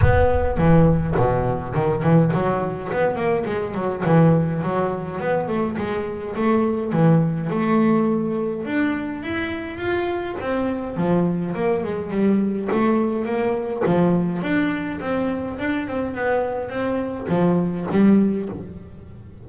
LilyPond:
\new Staff \with { instrumentName = "double bass" } { \time 4/4 \tempo 4 = 104 b4 e4 b,4 dis8 e8 | fis4 b8 ais8 gis8 fis8 e4 | fis4 b8 a8 gis4 a4 | e4 a2 d'4 |
e'4 f'4 c'4 f4 | ais8 gis8 g4 a4 ais4 | f4 d'4 c'4 d'8 c'8 | b4 c'4 f4 g4 | }